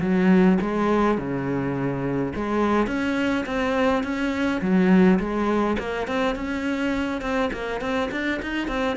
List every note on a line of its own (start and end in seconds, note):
0.00 0.58 F#3
0.61 1.17 G#3
1.17 2.33 C#3
2.35 2.87 G#3
2.87 3.44 C#4
3.45 4.03 C4
4.03 4.60 C#4
4.61 5.19 F#3
5.19 5.76 G#3
5.78 6.07 A#3
6.07 6.35 C4
6.35 7.21 C#4
7.21 7.50 C4
7.53 7.80 A#3
7.80 8.09 C4
8.11 8.40 D4
8.42 8.67 D#4
8.67 8.96 C4